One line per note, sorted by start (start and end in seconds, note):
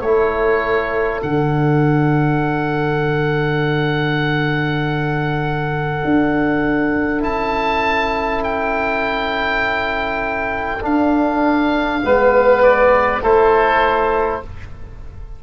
0.00 1.21 A3
0.00 1.23 E4
0.00 12.00 A4
0.00 1.21 C#5
1.22 6.03 D3
1.22 7.19 D4
1.22 7.22 F#5
6.04 7.23 D4
7.19 10.83 C#4
7.19 10.79 E4
7.19 8.43 A5
8.43 10.83 G5
10.81 12.01 D4
10.81 12.03 D4
10.81 12.63 F5
12.01 13.22 G#3
12.01 13.21 B3
12.01 13.22 B4
12.63 13.23 D5
13.22 14.42 A3
13.22 14.43 E4
13.22 14.42 A4
13.22 14.43 C5